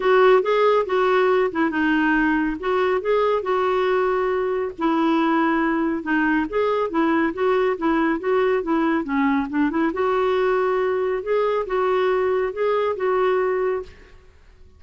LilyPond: \new Staff \with { instrumentName = "clarinet" } { \time 4/4 \tempo 4 = 139 fis'4 gis'4 fis'4. e'8 | dis'2 fis'4 gis'4 | fis'2. e'4~ | e'2 dis'4 gis'4 |
e'4 fis'4 e'4 fis'4 | e'4 cis'4 d'8 e'8 fis'4~ | fis'2 gis'4 fis'4~ | fis'4 gis'4 fis'2 | }